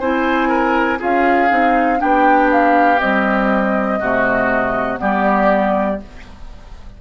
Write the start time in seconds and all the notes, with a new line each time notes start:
0.00 C4 E4 C5 G#5
0.49 A#4
0.99 C#4 F4 G#4 F5
1.49 C4 D#4
1.97 B3 D4 G4 G5
2.52 F5
3.00 G3 C4 D#5
4.00 C3 A3 F#4
4.97 G3 B3 G4 D5